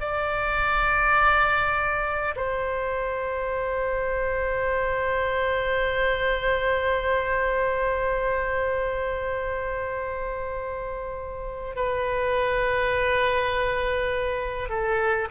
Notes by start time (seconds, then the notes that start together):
0.00 D5
2.36 C5
11.75 B4
14.69 A4